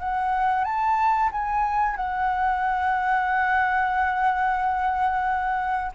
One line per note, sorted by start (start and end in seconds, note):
0.00 0.64 F#5
0.64 1.30 A5
1.32 1.96 G#5
1.96 5.92 F#5